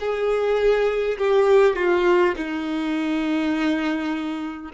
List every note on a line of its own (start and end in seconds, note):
0.00 1.18 G#4
1.18 1.76 G4
1.76 2.35 F4
2.36 4.72 D#4